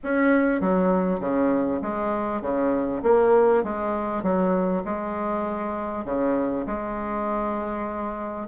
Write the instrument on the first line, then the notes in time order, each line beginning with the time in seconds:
bassoon
0.03 C#4
0.60 F#3
1.20 C#3
1.82 G#3
2.41 C#3
3.02 A#3
3.63 G#3
4.22 F#3
4.84 G#3
6.04 C#3
6.66 G#3